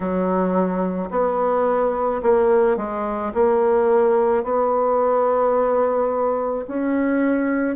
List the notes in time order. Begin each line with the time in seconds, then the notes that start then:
0.00 F#3
1.10 B3
2.22 A#3
2.76 G#3
3.33 A#3
4.43 B3
6.67 C#4